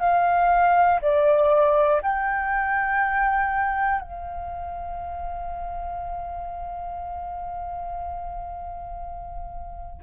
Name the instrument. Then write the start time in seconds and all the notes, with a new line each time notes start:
flute
0.00 F5
1.01 D5
2.01 G5
4.00 F5